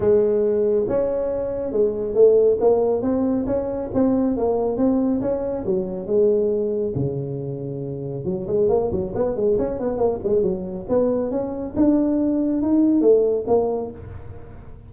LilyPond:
\new Staff \with { instrumentName = "tuba" } { \time 4/4 \tempo 4 = 138 gis2 cis'2 | gis4 a4 ais4 c'4 | cis'4 c'4 ais4 c'4 | cis'4 fis4 gis2 |
cis2. fis8 gis8 | ais8 fis8 b8 gis8 cis'8 b8 ais8 gis8 | fis4 b4 cis'4 d'4~ | d'4 dis'4 a4 ais4 | }